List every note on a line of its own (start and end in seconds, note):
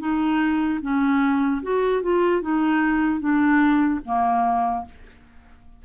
0.00 0.80 D#4
0.82 1.62 C#4
1.63 2.03 F#4
2.03 2.42 F4
2.42 3.20 D#4
3.20 4.00 D4
4.05 4.85 A#3